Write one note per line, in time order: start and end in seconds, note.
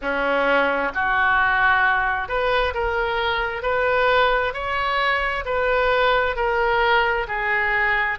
0.01 0.92 C#4
0.94 2.28 F#4
2.28 2.73 B4
2.74 3.62 A#4
3.62 4.53 B4
4.53 5.44 C#5
5.45 6.36 B4
6.36 7.26 A#4
7.27 8.18 G#4